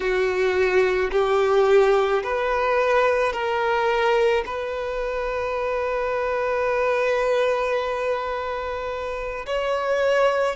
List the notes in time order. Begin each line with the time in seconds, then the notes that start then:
0.00 F#4
1.11 G4
2.23 B4
3.32 A#4
4.45 B4
9.46 C#5